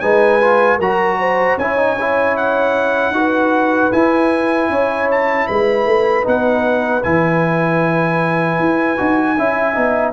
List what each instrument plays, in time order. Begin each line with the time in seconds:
0.00 tuba G#3, trombone D#4, horn B4, trumpet G#5
0.41 trombone F4
0.77 tuba F#3, trombone F#4, horn A#4, trumpet A#5
1.20 horn C5
1.57 tuba C#4, trombone E4, horn C#5, trumpet G#5
1.77 trombone D#4
2.00 trombone E4
2.37 trumpet F#5
3.11 tuba D#4, trombone F#4, horn B4
3.92 tuba E4, trombone E4, trumpet G#5
4.70 tuba C#4, horn C#5
5.11 trumpet A5
5.48 tuba G#3, horn B4, trumpet B5
5.86 tuba A3
6.24 tuba B3, trombone D#4, trumpet F#5
7.03 tuba E3, trombone E4, trumpet G#5
8.59 tuba E4
8.97 tuba D#4, trombone F#4
9.37 tuba C#4, trombone E4, horn E5
9.74 tuba B3, trombone D#4